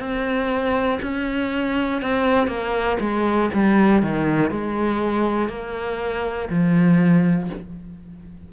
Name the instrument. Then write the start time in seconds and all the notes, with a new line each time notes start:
cello
0.00 C4
1.02 C#4
2.02 C4
2.48 A#3
3.01 G#3
3.54 G3
4.03 D#3
4.51 G#3
5.50 A#3
6.50 F3